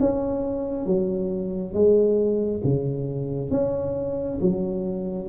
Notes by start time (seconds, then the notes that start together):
0.00 C#4
0.86 F#3
1.74 G#3
2.64 C#3
3.51 C#4
4.41 F#3